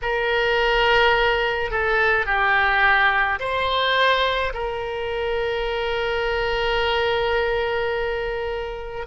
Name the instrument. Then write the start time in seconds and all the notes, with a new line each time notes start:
oboe
0.02 A#4
1.70 A4
2.26 G4
3.40 C5
4.53 A#4